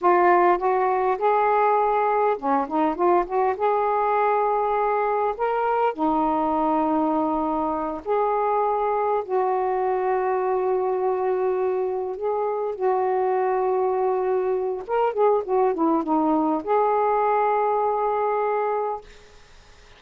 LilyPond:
\new Staff \with { instrumentName = "saxophone" } { \time 4/4 \tempo 4 = 101 f'4 fis'4 gis'2 | cis'8 dis'8 f'8 fis'8 gis'2~ | gis'4 ais'4 dis'2~ | dis'4. gis'2 fis'8~ |
fis'1~ | fis'8 gis'4 fis'2~ fis'8~ | fis'4 ais'8 gis'8 fis'8 e'8 dis'4 | gis'1 | }